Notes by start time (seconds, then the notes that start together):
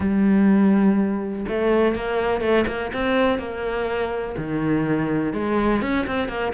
0.00 G3
1.48 A3
1.95 A#3
2.41 A3
2.67 A#3
2.93 C4
3.38 A#3
4.37 D#3
5.33 G#3
5.81 C#4
6.06 C4
6.28 A#3